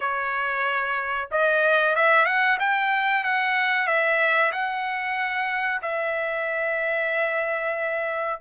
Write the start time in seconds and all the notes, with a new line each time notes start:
0.00 C#5
1.31 D#5
1.95 E5
2.25 F#5
2.59 G5
3.24 F#5
3.87 E5
4.52 F#5
5.82 E5